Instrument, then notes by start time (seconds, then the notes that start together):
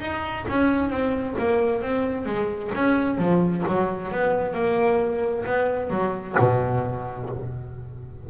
double bass
0.00 D#4
0.48 C#4
0.90 C4
1.38 A#3
1.82 C4
2.26 G#3
2.75 C#4
3.18 F3
3.68 F#3
4.12 B3
4.54 A#3
5.45 B3
5.90 F#3
6.39 B2